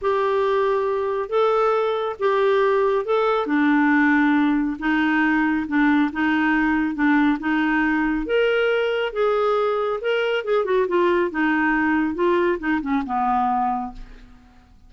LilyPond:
\new Staff \with { instrumentName = "clarinet" } { \time 4/4 \tempo 4 = 138 g'2. a'4~ | a'4 g'2 a'4 | d'2. dis'4~ | dis'4 d'4 dis'2 |
d'4 dis'2 ais'4~ | ais'4 gis'2 ais'4 | gis'8 fis'8 f'4 dis'2 | f'4 dis'8 cis'8 b2 | }